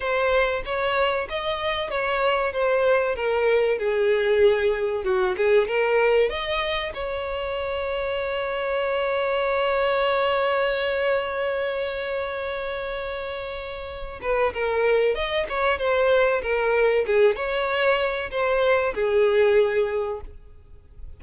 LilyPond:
\new Staff \with { instrumentName = "violin" } { \time 4/4 \tempo 4 = 95 c''4 cis''4 dis''4 cis''4 | c''4 ais'4 gis'2 | fis'8 gis'8 ais'4 dis''4 cis''4~ | cis''1~ |
cis''1~ | cis''2~ cis''8 b'8 ais'4 | dis''8 cis''8 c''4 ais'4 gis'8 cis''8~ | cis''4 c''4 gis'2 | }